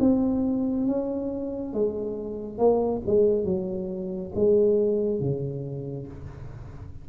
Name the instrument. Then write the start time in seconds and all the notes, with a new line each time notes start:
tuba
0.00 C4
0.87 C#4
1.74 G#3
2.58 A#3
3.06 G#3
3.45 F#3
4.35 G#3
5.21 C#3